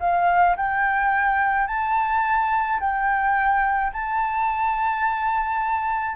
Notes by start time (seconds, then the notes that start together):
0.00 F5
0.57 G5
1.68 A5
2.80 G5
3.93 A5